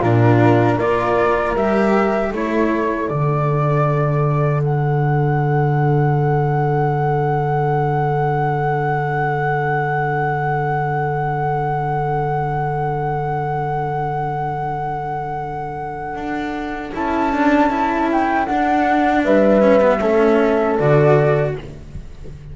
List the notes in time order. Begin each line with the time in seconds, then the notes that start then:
0.00 A#2 D4 F4 A#4
0.76 A#3 F4 A#4 D5
1.55 G3 G4 E5
2.31 A3 E4 A4 C#5
3.08 D3 D4 D5
4.64 F#5
16.15 D4
16.95 C#4 E4 A5
17.33 D4
17.70 E4
18.12 G5
18.46 D4 F#5
19.24 G3 B4 E5
19.62 C#4
19.81 B3
20.01 A3 C#4 A4
20.78 D3 F#4 D5